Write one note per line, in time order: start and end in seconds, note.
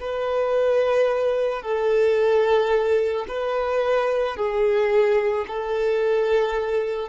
0.00 1.62 B4
1.62 3.25 A4
3.28 4.36 B4
4.36 5.45 G#4
5.47 7.08 A4